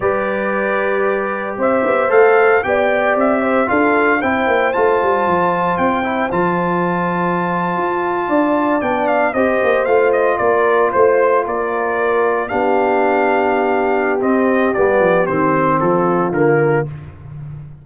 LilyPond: <<
  \new Staff \with { instrumentName = "trumpet" } { \time 4/4 \tempo 4 = 114 d''2. e''4 | f''4 g''4 e''4 f''4 | g''4 a''2 g''4 | a''1~ |
a''8. g''8 f''8 dis''4 f''8 dis''8 d''16~ | d''8. c''4 d''2 f''16~ | f''2. dis''4 | d''4 c''4 a'4 ais'4 | }
  \new Staff \with { instrumentName = "horn" } { \time 4/4 b'2. c''4~ | c''4 d''4. c''8 a'4 | c''1~ | c''2.~ c''8. d''16~ |
d''4.~ d''16 c''2 ais'16~ | ais'8. c''4 ais'2 g'16~ | g'1~ | g'2 f'2 | }
  \new Staff \with { instrumentName = "trombone" } { \time 4/4 g'1 | a'4 g'2 f'4 | e'4 f'2~ f'8 e'8 | f'1~ |
f'8. d'4 g'4 f'4~ f'16~ | f'2.~ f'8. d'16~ | d'2. c'4 | b4 c'2 ais4 | }
  \new Staff \with { instrumentName = "tuba" } { \time 4/4 g2. c'8 b8 | a4 b4 c'4 d'4 | c'8 ais8 a8 g8 f4 c'4 | f2~ f8. f'4 d'16~ |
d'8. b4 c'8 ais8 a4 ais16~ | ais8. a4 ais2 b16~ | b2. c'4 | g8 f8 dis4 f4 d4 | }
>>